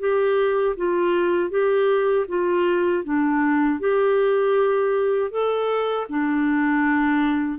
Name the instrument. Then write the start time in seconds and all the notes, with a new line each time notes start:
clarinet
0.00 G4
0.76 F4
1.50 G4
2.28 F4
3.04 D4
3.80 G4
5.31 A4
6.09 D4